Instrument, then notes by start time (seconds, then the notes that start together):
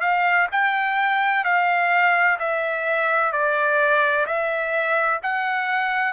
trumpet
0.00 F5
0.51 G5
1.44 F5
2.39 E5
3.32 D5
4.26 E5
5.22 F#5